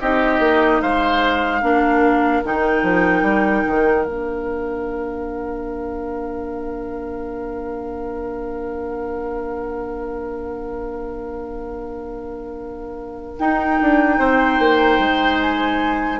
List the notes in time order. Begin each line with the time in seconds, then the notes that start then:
0.00 C4 D#4 G4 D#5
0.39 A#3
0.81 G#3 C5 F5
1.61 A#3 D4 A#4
2.44 D#3 D#4 G5
2.82 F3
3.22 G3
3.67 D#3
4.04 A#3 D4 F5
13.39 D#4 G5
13.80 D4
14.18 C4 C5
14.59 A#3
14.98 G#3
15.41 G#5